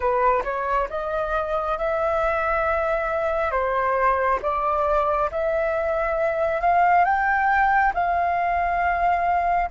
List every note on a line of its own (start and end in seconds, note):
0.00 0.43 B4
0.44 0.88 C#5
0.89 1.78 D#5
1.78 3.51 E5
3.51 4.39 C5
4.42 5.30 D5
5.31 6.60 E5
6.60 7.04 F5
7.04 7.93 G5
7.94 9.70 F5